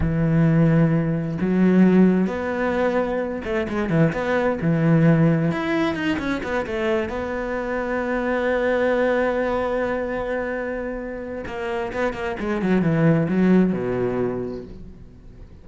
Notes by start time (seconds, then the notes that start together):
0.00 E3
1.41 F#3
2.27 B3
3.44 A3
3.68 G#3
3.89 E3
4.12 B3
4.61 E3
5.51 E4
5.95 D#4
6.18 C#4
6.43 B3
6.66 A3
7.09 B3
11.46 A#3
11.92 B3
12.13 A#3
12.39 G#3
12.62 F#3
12.81 E3
13.28 F#3
13.72 B2